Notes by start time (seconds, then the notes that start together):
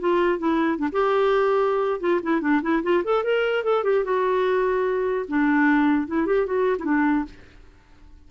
0.00 F4
0.39 E4
0.78 D4
0.93 G4
2.00 F4
2.23 E4
2.41 D4
2.63 E4
2.83 F4
3.04 A4
3.24 A#4
3.64 A4
3.84 G4
4.05 F#4
5.28 D4
6.08 E4
6.26 G4
6.47 F#4
6.79 D4 E4